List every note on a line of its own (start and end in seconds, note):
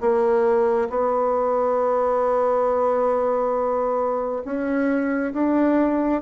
0.00 0.88 A#3
0.89 4.42 B3
4.44 5.33 C#4
5.33 6.21 D4